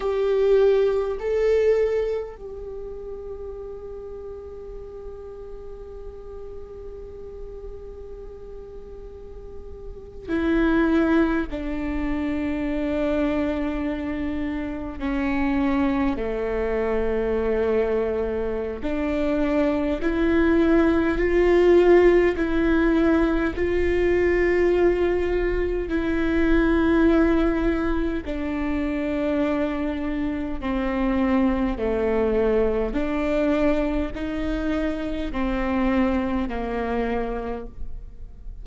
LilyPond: \new Staff \with { instrumentName = "viola" } { \time 4/4 \tempo 4 = 51 g'4 a'4 g'2~ | g'1~ | g'8. e'4 d'2~ d'16~ | d'8. cis'4 a2~ a16 |
d'4 e'4 f'4 e'4 | f'2 e'2 | d'2 c'4 a4 | d'4 dis'4 c'4 ais4 | }